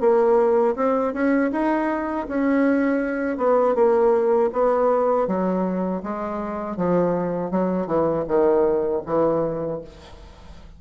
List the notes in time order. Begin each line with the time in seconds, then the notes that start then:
0.00 A#3
0.76 C4
1.13 C#4
1.52 D#4
2.28 C#4
3.37 B3
3.75 A#3
4.52 B3
5.27 F#3
6.03 G#3
6.76 F3
7.51 F#3
7.86 E3
8.27 D#3
9.06 E3